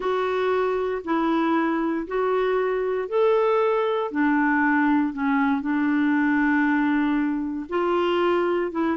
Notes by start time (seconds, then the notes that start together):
0.00 F#4
1.04 E4
2.07 F#4
3.08 A4
4.11 D4
5.13 C#4
5.61 D4
7.69 F4
8.71 E4